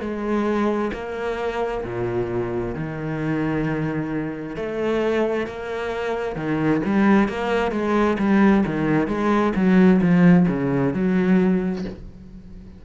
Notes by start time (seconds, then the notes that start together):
0.00 G#3
0.93 A#3
1.84 A#2
2.74 D#3
4.56 A3
5.46 A#3
6.35 D#3
6.85 G3
7.28 A#3
7.71 G#3
8.19 G3
8.66 D#3
9.07 G#3
9.55 F#3
10.01 F3
10.48 C#3
10.93 F#3